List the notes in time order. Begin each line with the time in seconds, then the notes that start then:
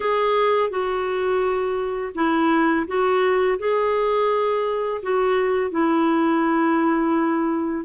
0.00 G#4
0.69 F#4
2.15 E4
2.87 F#4
3.58 G#4
5.02 F#4
5.70 E4